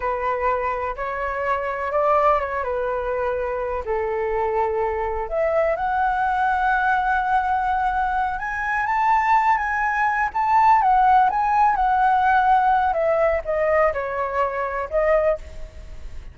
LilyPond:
\new Staff \with { instrumentName = "flute" } { \time 4/4 \tempo 4 = 125 b'2 cis''2 | d''4 cis''8 b'2~ b'8 | a'2. e''4 | fis''1~ |
fis''4. gis''4 a''4. | gis''4. a''4 fis''4 gis''8~ | gis''8 fis''2~ fis''8 e''4 | dis''4 cis''2 dis''4 | }